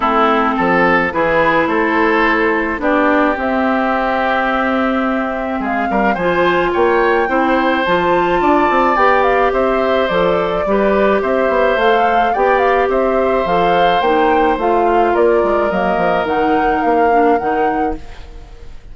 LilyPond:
<<
  \new Staff \with { instrumentName = "flute" } { \time 4/4 \tempo 4 = 107 a'2 b'4 c''4~ | c''4 d''4 e''2~ | e''2 f''4 gis''4 | g''2 a''2 |
g''8 f''8 e''4 d''2 | e''4 f''4 g''8 f''8 e''4 | f''4 g''4 f''4 d''4 | dis''4 fis''4 f''4 fis''4 | }
  \new Staff \with { instrumentName = "oboe" } { \time 4/4 e'4 a'4 gis'4 a'4~ | a'4 g'2.~ | g'2 gis'8 ais'8 c''4 | cis''4 c''2 d''4~ |
d''4 c''2 b'4 | c''2 d''4 c''4~ | c''2. ais'4~ | ais'1 | }
  \new Staff \with { instrumentName = "clarinet" } { \time 4/4 c'2 e'2~ | e'4 d'4 c'2~ | c'2. f'4~ | f'4 e'4 f'2 |
g'2 a'4 g'4~ | g'4 a'4 g'2 | a'4 dis'4 f'2 | ais4 dis'4. d'8 dis'4 | }
  \new Staff \with { instrumentName = "bassoon" } { \time 4/4 a4 f4 e4 a4~ | a4 b4 c'2~ | c'2 gis8 g8 f4 | ais4 c'4 f4 d'8 c'8 |
b4 c'4 f4 g4 | c'8 b8 a4 b4 c'4 | f4 ais4 a4 ais8 gis8 | fis8 f8 dis4 ais4 dis4 | }
>>